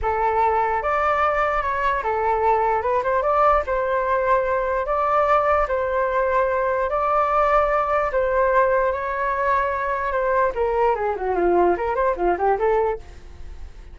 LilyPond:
\new Staff \with { instrumentName = "flute" } { \time 4/4 \tempo 4 = 148 a'2 d''2 | cis''4 a'2 b'8 c''8 | d''4 c''2. | d''2 c''2~ |
c''4 d''2. | c''2 cis''2~ | cis''4 c''4 ais'4 gis'8 fis'8 | f'4 ais'8 c''8 f'8 g'8 a'4 | }